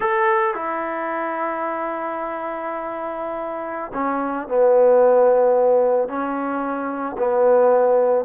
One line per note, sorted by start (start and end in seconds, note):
0.00 0.54 A4
0.54 3.92 E4
3.93 4.47 C#4
4.47 6.08 B3
6.08 7.16 C#4
7.18 8.25 B3